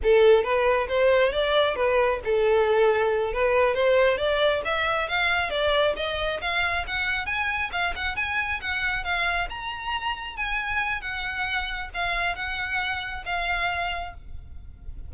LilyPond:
\new Staff \with { instrumentName = "violin" } { \time 4/4 \tempo 4 = 136 a'4 b'4 c''4 d''4 | b'4 a'2~ a'8 b'8~ | b'8 c''4 d''4 e''4 f''8~ | f''8 d''4 dis''4 f''4 fis''8~ |
fis''8 gis''4 f''8 fis''8 gis''4 fis''8~ | fis''8 f''4 ais''2 gis''8~ | gis''4 fis''2 f''4 | fis''2 f''2 | }